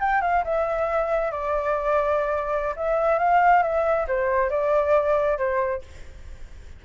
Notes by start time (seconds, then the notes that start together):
0.00 G5
0.21 F5
0.44 E5
1.31 D5
2.76 E5
3.18 F5
3.62 E5
4.08 C5
4.50 D5
5.37 C5